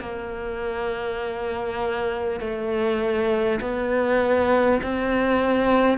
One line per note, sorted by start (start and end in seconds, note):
0.00 2.40 A#3
2.41 3.61 A3
3.61 4.81 B3
4.83 5.98 C4